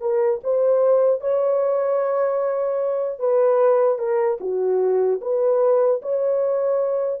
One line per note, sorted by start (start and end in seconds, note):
0.00 0.40 A#4
0.43 1.20 C5
1.20 3.19 C#5
3.19 3.98 B4
3.98 4.38 A#4
4.40 5.20 F#4
5.21 6.01 B4
6.01 7.20 C#5